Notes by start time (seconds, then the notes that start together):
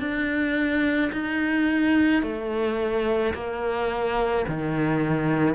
0.00 D4
1.13 D#4
2.23 A3
3.34 A#3
4.48 D#3